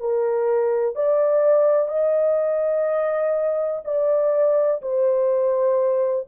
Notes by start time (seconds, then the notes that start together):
0.00 A#4
0.95 D5
1.88 D#5
3.85 D5
4.82 C5